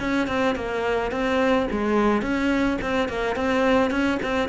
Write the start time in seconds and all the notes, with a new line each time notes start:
0.00 C#4
0.28 C4
0.56 A#3
1.12 C4
1.71 G#3
2.22 C#4
2.82 C4
3.09 A#3
3.36 C4
3.91 C#4
4.23 C4